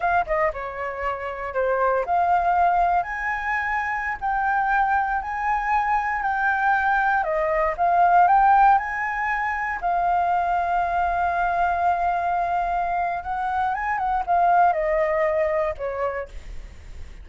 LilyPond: \new Staff \with { instrumentName = "flute" } { \time 4/4 \tempo 4 = 118 f''8 dis''8 cis''2 c''4 | f''2 gis''2~ | gis''16 g''2 gis''4.~ gis''16~ | gis''16 g''2 dis''4 f''8.~ |
f''16 g''4 gis''2 f''8.~ | f''1~ | f''2 fis''4 gis''8 fis''8 | f''4 dis''2 cis''4 | }